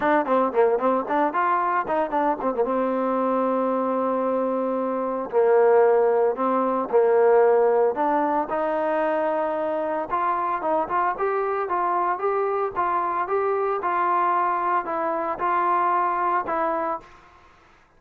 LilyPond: \new Staff \with { instrumentName = "trombone" } { \time 4/4 \tempo 4 = 113 d'8 c'8 ais8 c'8 d'8 f'4 dis'8 | d'8 c'16 ais16 c'2.~ | c'2 ais2 | c'4 ais2 d'4 |
dis'2. f'4 | dis'8 f'8 g'4 f'4 g'4 | f'4 g'4 f'2 | e'4 f'2 e'4 | }